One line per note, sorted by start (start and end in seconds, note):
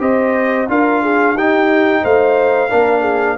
0.00 0.68 C4
0.00 0.67 G4
0.00 0.69 C5
0.00 0.69 D#5
0.69 1.34 D4
0.69 1.36 F4
0.69 1.03 A#4
0.69 1.38 F5
1.03 1.35 G#4
1.34 2.01 D#4
1.34 2.70 D#4
1.34 2.02 G4
1.34 2.05 G5
2.03 2.71 A3
2.03 2.70 C5
2.03 3.39 F5
2.70 3.39 A#3
2.70 3.37 D4
2.70 3.01 A#4
3.01 3.35 G#4